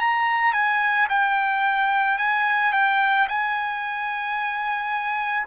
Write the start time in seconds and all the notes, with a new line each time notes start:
0.00 A#5
0.53 G#5
1.10 G5
2.19 G#5
2.73 G5
3.29 G#5